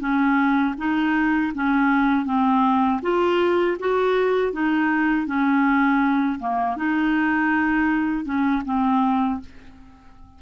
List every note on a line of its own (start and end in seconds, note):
0.00 0.75 C#4
0.78 1.53 D#4
1.54 2.26 C#4
2.26 3.01 C4
3.02 3.77 F4
3.79 4.53 F#4
4.53 5.27 D#4
5.27 6.39 C#4
6.40 6.77 A#3
6.77 8.25 D#4
8.25 8.63 C#4
8.65 9.40 C4